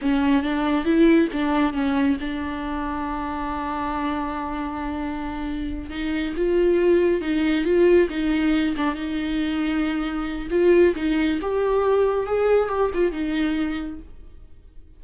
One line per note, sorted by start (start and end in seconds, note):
0.01 0.43 C#4
0.43 0.84 D4
0.84 1.28 E4
1.32 1.73 D4
1.73 2.17 C#4
2.20 5.90 D4
5.90 6.34 D#4
6.36 7.21 F4
7.21 7.64 D#4
7.64 8.08 F4
8.09 8.75 D#4
8.76 8.94 D4
8.94 10.48 D#4
10.50 10.94 F4
10.95 11.39 D#4
11.41 12.26 G4
12.26 12.68 G#4
12.68 12.90 G4
12.94 13.11 F4
13.11 13.99 D#4